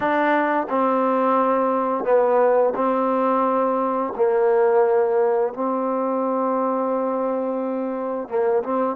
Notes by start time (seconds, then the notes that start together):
0.00 D4
0.69 C4
2.04 B3
2.75 C4
4.16 A#3
5.53 C4
8.28 A#3
8.63 C4